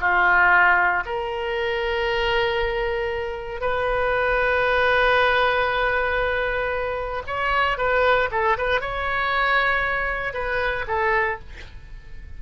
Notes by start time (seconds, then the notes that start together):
0.00 F4
1.05 A#4
3.60 B4
7.26 C#5
7.77 B4
8.31 A4
8.57 B4
8.81 C#5
10.33 B4
10.87 A4